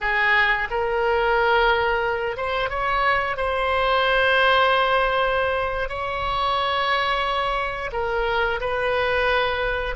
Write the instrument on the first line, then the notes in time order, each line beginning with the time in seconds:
oboe
0.01 G#4
0.70 A#4
2.36 C5
2.69 C#5
3.36 C5
5.88 C#5
7.92 A#4
8.60 B4